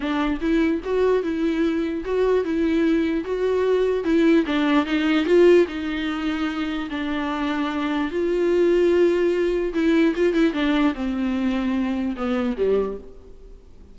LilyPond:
\new Staff \with { instrumentName = "viola" } { \time 4/4 \tempo 4 = 148 d'4 e'4 fis'4 e'4~ | e'4 fis'4 e'2 | fis'2 e'4 d'4 | dis'4 f'4 dis'2~ |
dis'4 d'2. | f'1 | e'4 f'8 e'8 d'4 c'4~ | c'2 b4 g4 | }